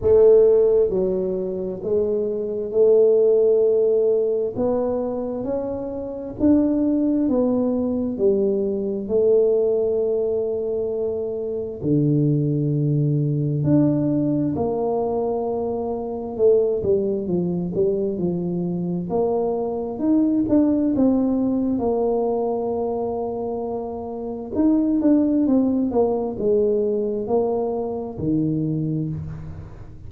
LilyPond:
\new Staff \with { instrumentName = "tuba" } { \time 4/4 \tempo 4 = 66 a4 fis4 gis4 a4~ | a4 b4 cis'4 d'4 | b4 g4 a2~ | a4 d2 d'4 |
ais2 a8 g8 f8 g8 | f4 ais4 dis'8 d'8 c'4 | ais2. dis'8 d'8 | c'8 ais8 gis4 ais4 dis4 | }